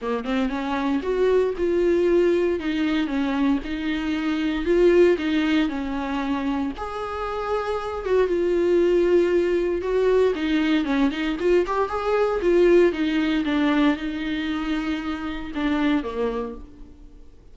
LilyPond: \new Staff \with { instrumentName = "viola" } { \time 4/4 \tempo 4 = 116 ais8 c'8 cis'4 fis'4 f'4~ | f'4 dis'4 cis'4 dis'4~ | dis'4 f'4 dis'4 cis'4~ | cis'4 gis'2~ gis'8 fis'8 |
f'2. fis'4 | dis'4 cis'8 dis'8 f'8 g'8 gis'4 | f'4 dis'4 d'4 dis'4~ | dis'2 d'4 ais4 | }